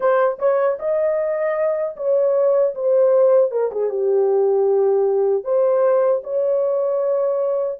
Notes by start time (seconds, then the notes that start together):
0.00 C5
0.39 C#5
0.79 D#5
1.96 C#5
2.74 C5
3.51 A#4
3.71 G#4
3.89 G4
5.44 C5
6.23 C#5